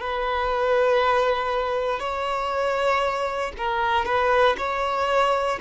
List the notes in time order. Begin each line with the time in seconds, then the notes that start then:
0.00 B4
1.99 C#5
3.57 A#4
4.05 B4
4.58 C#5